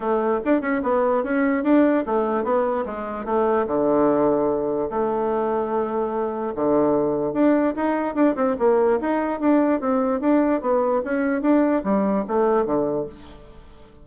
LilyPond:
\new Staff \with { instrumentName = "bassoon" } { \time 4/4 \tempo 4 = 147 a4 d'8 cis'8 b4 cis'4 | d'4 a4 b4 gis4 | a4 d2. | a1 |
d2 d'4 dis'4 | d'8 c'8 ais4 dis'4 d'4 | c'4 d'4 b4 cis'4 | d'4 g4 a4 d4 | }